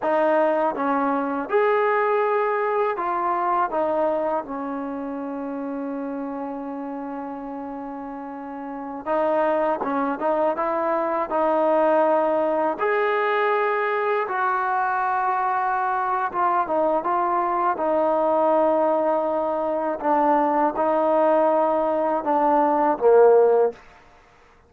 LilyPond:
\new Staff \with { instrumentName = "trombone" } { \time 4/4 \tempo 4 = 81 dis'4 cis'4 gis'2 | f'4 dis'4 cis'2~ | cis'1~ | cis'16 dis'4 cis'8 dis'8 e'4 dis'8.~ |
dis'4~ dis'16 gis'2 fis'8.~ | fis'2 f'8 dis'8 f'4 | dis'2. d'4 | dis'2 d'4 ais4 | }